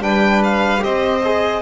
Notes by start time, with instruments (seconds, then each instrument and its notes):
0.00 double bass G3, trombone D4, violin B4 G5
0.44 violin F5
0.79 double bass C4, trombone G4, violin C5 D#5
1.24 trombone G#4